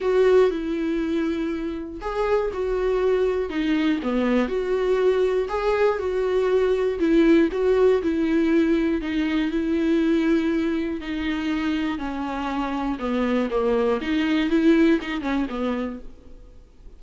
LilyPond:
\new Staff \with { instrumentName = "viola" } { \time 4/4 \tempo 4 = 120 fis'4 e'2. | gis'4 fis'2 dis'4 | b4 fis'2 gis'4 | fis'2 e'4 fis'4 |
e'2 dis'4 e'4~ | e'2 dis'2 | cis'2 b4 ais4 | dis'4 e'4 dis'8 cis'8 b4 | }